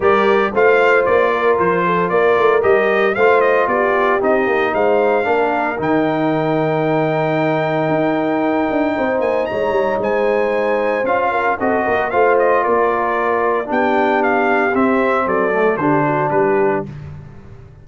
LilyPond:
<<
  \new Staff \with { instrumentName = "trumpet" } { \time 4/4 \tempo 4 = 114 d''4 f''4 d''4 c''4 | d''4 dis''4 f''8 dis''8 d''4 | dis''4 f''2 g''4~ | g''1~ |
g''4. gis''8 ais''4 gis''4~ | gis''4 f''4 dis''4 f''8 dis''8 | d''2 g''4 f''4 | e''4 d''4 c''4 b'4 | }
  \new Staff \with { instrumentName = "horn" } { \time 4/4 ais'4 c''4. ais'4 a'8 | ais'2 c''4 g'4~ | g'4 c''4 ais'2~ | ais'1~ |
ais'4 c''4 cis''4 c''4~ | c''4. ais'8 a'8 ais'8 c''4 | ais'2 g'2~ | g'4 a'4 g'8 fis'8 g'4 | }
  \new Staff \with { instrumentName = "trombone" } { \time 4/4 g'4 f'2.~ | f'4 g'4 f'2 | dis'2 d'4 dis'4~ | dis'1~ |
dis'1~ | dis'4 f'4 fis'4 f'4~ | f'2 d'2 | c'4. a8 d'2 | }
  \new Staff \with { instrumentName = "tuba" } { \time 4/4 g4 a4 ais4 f4 | ais8 a8 g4 a4 b4 | c'8 ais8 gis4 ais4 dis4~ | dis2. dis'4~ |
dis'8 d'8 c'8 ais8 gis8 g8 gis4~ | gis4 cis'4 c'8 ais8 a4 | ais2 b2 | c'4 fis4 d4 g4 | }
>>